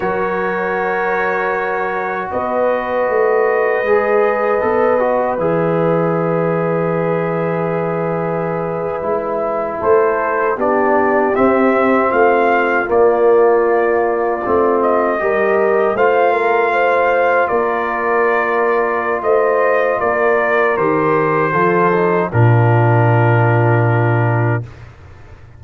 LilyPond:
<<
  \new Staff \with { instrumentName = "trumpet" } { \time 4/4 \tempo 4 = 78 cis''2. dis''4~ | dis''2. e''4~ | e''1~ | e''8. c''4 d''4 e''4 f''16~ |
f''8. d''2~ d''8 dis''8.~ | dis''8. f''2 d''4~ d''16~ | d''4 dis''4 d''4 c''4~ | c''4 ais'2. | }
  \new Staff \with { instrumentName = "horn" } { \time 4/4 ais'2. b'4~ | b'1~ | b'1~ | b'8. a'4 g'2 f'16~ |
f'2.~ f'8. ais'16~ | ais'8. c''8 ais'8 c''4 ais'4~ ais'16~ | ais'4 c''4 ais'2 | a'4 f'2. | }
  \new Staff \with { instrumentName = "trombone" } { \time 4/4 fis'1~ | fis'4 gis'4 a'8 fis'8 gis'4~ | gis'2.~ gis'8. e'16~ | e'4.~ e'16 d'4 c'4~ c'16~ |
c'8. ais2 c'4 g'16~ | g'8. f'2.~ f'16~ | f'2. g'4 | f'8 dis'8 d'2. | }
  \new Staff \with { instrumentName = "tuba" } { \time 4/4 fis2. b4 | a4 gis4 b4 e4~ | e2.~ e8. gis16~ | gis8. a4 b4 c'4 a16~ |
a8. ais2 a4 g16~ | g8. a2 ais4~ ais16~ | ais4 a4 ais4 dis4 | f4 ais,2. | }
>>